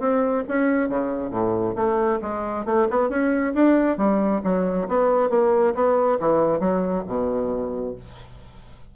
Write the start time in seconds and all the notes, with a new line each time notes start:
0.00 C4
0.49 C#4
0.89 C#3
1.31 A2
1.76 A3
2.22 G#3
2.66 A3
2.91 B3
3.10 C#4
3.54 D4
3.98 G3
4.44 F#3
4.89 B3
5.30 A#3
5.75 B3
6.20 E3
6.60 F#3
7.07 B2